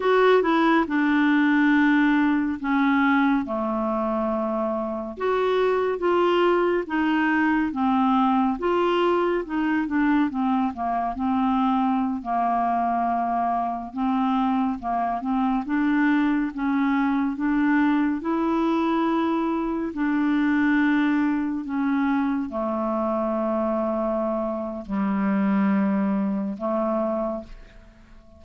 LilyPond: \new Staff \with { instrumentName = "clarinet" } { \time 4/4 \tempo 4 = 70 fis'8 e'8 d'2 cis'4 | a2 fis'4 f'4 | dis'4 c'4 f'4 dis'8 d'8 | c'8 ais8 c'4~ c'16 ais4.~ ais16~ |
ais16 c'4 ais8 c'8 d'4 cis'8.~ | cis'16 d'4 e'2 d'8.~ | d'4~ d'16 cis'4 a4.~ a16~ | a4 g2 a4 | }